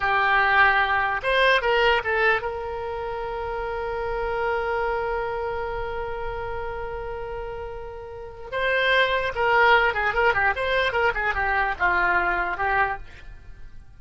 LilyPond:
\new Staff \with { instrumentName = "oboe" } { \time 4/4 \tempo 4 = 148 g'2. c''4 | ais'4 a'4 ais'2~ | ais'1~ | ais'1~ |
ais'1~ | ais'4 c''2 ais'4~ | ais'8 gis'8 ais'8 g'8 c''4 ais'8 gis'8 | g'4 f'2 g'4 | }